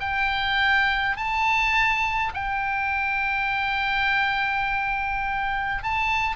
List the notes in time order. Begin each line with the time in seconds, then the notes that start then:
0.00 G5
1.17 A5
2.34 G5
5.83 A5